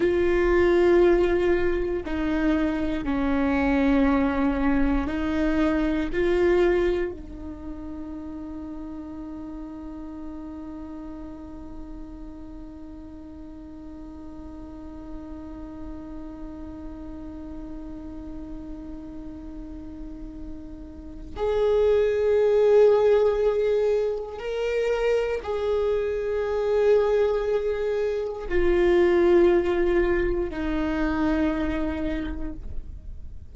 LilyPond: \new Staff \with { instrumentName = "viola" } { \time 4/4 \tempo 4 = 59 f'2 dis'4 cis'4~ | cis'4 dis'4 f'4 dis'4~ | dis'1~ | dis'1~ |
dis'1~ | dis'4 gis'2. | ais'4 gis'2. | f'2 dis'2 | }